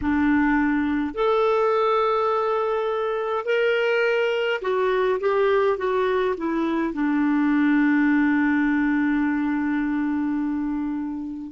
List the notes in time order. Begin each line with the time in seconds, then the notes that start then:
0.01 D4
1.14 A4
3.45 A#4
4.62 F#4
5.19 G4
5.77 F#4
6.37 E4
6.93 D4